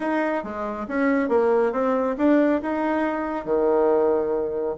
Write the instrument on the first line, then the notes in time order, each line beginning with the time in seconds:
bassoon
0.00 D#4
0.43 G#3
0.88 C#4
1.28 A#3
1.72 C4
2.17 D4
2.62 D#4
3.44 D#3